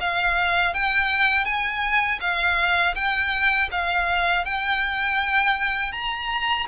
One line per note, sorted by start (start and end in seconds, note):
0.00 0.74 F5
0.74 1.45 G5
1.45 2.19 G#5
2.21 2.95 F5
2.95 3.69 G5
3.71 4.45 F5
4.45 5.92 G5
5.92 6.66 A#5